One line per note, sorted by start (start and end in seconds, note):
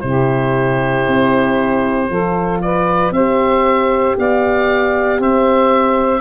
0.00 1.07 C3
0.00 2.09 E4
0.00 2.10 G4
0.00 2.59 C5
1.07 2.10 C4
2.10 3.11 F3
2.10 3.14 F4
2.10 2.62 A4
2.62 3.14 B4
2.62 3.13 D5
3.11 4.15 C4
3.11 6.21 G4
3.11 4.17 C5
3.11 4.16 E5
4.18 5.19 B3
4.18 5.19 D5
4.18 5.22 F5
5.19 6.21 C4
5.19 6.21 C5
5.19 6.21 E5